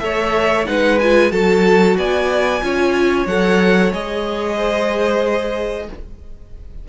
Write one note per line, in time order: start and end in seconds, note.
0.00 0.67 A3
0.00 0.66 A4
0.00 0.69 C#5
0.00 0.65 E5
0.66 1.32 G#3
0.66 0.99 D#4
0.66 1.33 B4
0.66 1.00 F#5
1.00 1.31 F4
1.00 1.32 G#5
1.31 1.98 F#3
1.31 2.62 F#4
1.31 1.98 A4
1.31 1.98 A5
1.98 2.63 B3
1.98 2.64 D5
1.98 3.28 G#5
2.62 3.27 C#4
2.62 3.27 F4
2.62 4.57 C#5
3.27 3.92 F#3
3.27 3.93 A4
3.27 3.93 F#5
3.93 5.89 G#3
3.93 5.89 G#4
3.93 5.89 D#5
4.57 5.88 C5